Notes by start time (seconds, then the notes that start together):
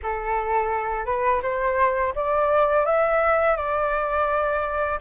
0.03 A4
1.05 B4
1.42 C5
2.15 D5
2.85 E5
3.56 D5